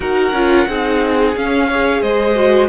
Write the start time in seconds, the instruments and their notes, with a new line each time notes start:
0.00 cello D#4, viola F#4, violin A#4 F#5
0.32 cello C#4, viola F4
0.68 cello C4, viola D#4, violin G#4
1.35 viola C#4, cello C#4, violin F5
1.67 viola G#4, violin C#5
2.01 cello G#3, violin C5 D#5
2.34 viola F#4